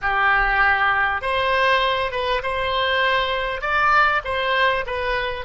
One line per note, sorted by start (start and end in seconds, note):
0.01 1.21 G4
1.21 2.11 C5
2.11 2.41 B4
2.42 3.61 C5
3.61 4.21 D5
4.24 4.85 C5
4.86 5.45 B4